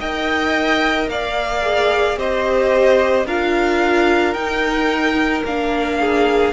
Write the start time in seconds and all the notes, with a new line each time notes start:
0.00 D#4 A#4 D#5 G5
1.08 A#3 D5 F5
1.62 G#4
2.17 C4 G4 C5 D#5
3.26 D4 F4 A#4 F5
4.34 D#4 G5
5.45 A#3 D4 F5
6.00 G#4